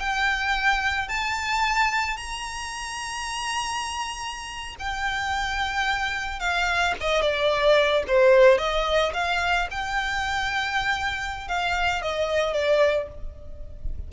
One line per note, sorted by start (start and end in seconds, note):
0.00 1.09 G5
1.09 2.17 A5
2.17 4.76 A#5
4.80 6.40 G5
6.40 6.94 F5
7.01 7.22 D#5
7.22 8.04 D5
8.08 8.58 C5
8.58 9.13 D#5
9.14 9.68 F5
9.71 11.48 G5
11.48 12.02 F5
12.02 12.54 D#5
12.54 13.08 D5